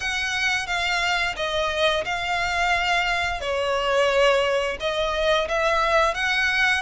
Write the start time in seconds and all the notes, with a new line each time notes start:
0.00 F#5
0.67 F5
1.36 D#5
2.04 F5
3.40 C#5
4.79 D#5
5.48 E5
6.14 F#5